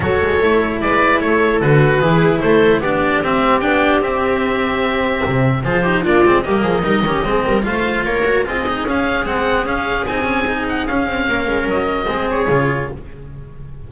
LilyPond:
<<
  \new Staff \with { instrumentName = "oboe" } { \time 4/4 \tempo 4 = 149 cis''2 d''4 cis''4 | b'2 c''4 d''4 | e''4 g''4 e''2~ | e''2 c''4 d''4 |
dis''2. f''4 | cis''4 dis''4 f''4 fis''4 | f''4 gis''4. fis''8 f''4~ | f''4 dis''4. cis''4. | }
  \new Staff \with { instrumentName = "viola" } { \time 4/4 a'2 b'4 a'4~ | a'4 gis'4 a'4 g'4~ | g'1~ | g'2 gis'8 g'8 f'4 |
g'8 gis'8 ais'8 g'8 gis'8 ais'8 c''4 | ais'4 gis'2.~ | gis'1 | ais'2 gis'2 | }
  \new Staff \with { instrumentName = "cello" } { \time 4/4 fis'4 e'2. | fis'4 e'2 d'4 | c'4 d'4 c'2~ | c'2 f'8 dis'8 d'8 c'8 |
ais4 dis'8 cis'8 c'4 f'4~ | f'8 fis'8 f'8 dis'8 cis'4 c'4 | cis'4 dis'8 cis'8 dis'4 cis'4~ | cis'2 c'4 f'4 | }
  \new Staff \with { instrumentName = "double bass" } { \time 4/4 fis8 gis8 a4 gis4 a4 | d4 e4 a4 b4 | c'4 b4 c'2~ | c'4 c4 f4 ais8 gis8 |
g8 f8 g8 dis8 gis8 g8 a4 | ais4 c'4 cis'4 gis4 | cis'4 c'2 cis'8 c'8 | ais8 gis8 fis4 gis4 cis4 | }
>>